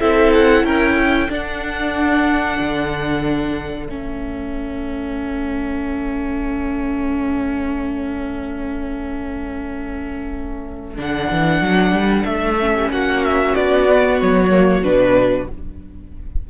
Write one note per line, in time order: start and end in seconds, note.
0.00 0.64 C4
0.00 1.29 E4
0.00 0.65 A4
0.00 0.33 E5
0.34 0.65 F#5
0.64 1.28 C#4
0.64 0.97 A#4
0.64 1.30 G5
0.97 12.74 A4
1.29 3.87 D4
1.29 2.58 D4
1.29 3.86 F#5
2.60 3.89 D3
3.86 10.98 A3
3.86 10.96 C#4
3.86 10.96 E5
10.96 11.31 D3
10.96 12.58 D4
10.96 12.25 F#5
11.31 11.61 E3
11.61 11.92 F#3
11.92 12.24 G3
12.25 12.90 A3
12.25 12.90 E5
12.59 13.87 C#4
12.75 12.91 G4
12.90 13.55 A#3
12.90 15.50 F#4
12.90 13.24 F#5
13.24 13.55 E5
13.55 14.21 B3
13.55 14.20 D5
13.87 14.51 B3
14.21 14.85 F#3
14.21 14.84 C#5
14.51 14.83 A#3
14.83 15.49 B2
14.83 15.48 D4
14.83 15.48 B4